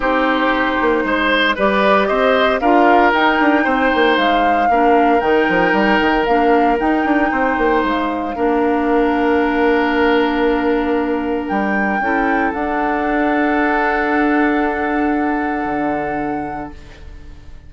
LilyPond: <<
  \new Staff \with { instrumentName = "flute" } { \time 4/4 \tempo 4 = 115 c''2. d''4 | dis''4 f''4 g''2 | f''2 g''2 | f''4 g''2 f''4~ |
f''1~ | f''2 g''2 | fis''1~ | fis''1 | }
  \new Staff \with { instrumentName = "oboe" } { \time 4/4 g'2 c''4 b'4 | c''4 ais'2 c''4~ | c''4 ais'2.~ | ais'2 c''2 |
ais'1~ | ais'2. a'4~ | a'1~ | a'1 | }
  \new Staff \with { instrumentName = "clarinet" } { \time 4/4 dis'2. g'4~ | g'4 f'4 dis'2~ | dis'4 d'4 dis'2 | d'4 dis'2. |
d'1~ | d'2. e'4 | d'1~ | d'1 | }
  \new Staff \with { instrumentName = "bassoon" } { \time 4/4 c'4. ais8 gis4 g4 | c'4 d'4 dis'8 d'8 c'8 ais8 | gis4 ais4 dis8 f8 g8 dis8 | ais4 dis'8 d'8 c'8 ais8 gis4 |
ais1~ | ais2 g4 cis'4 | d'1~ | d'2 d2 | }
>>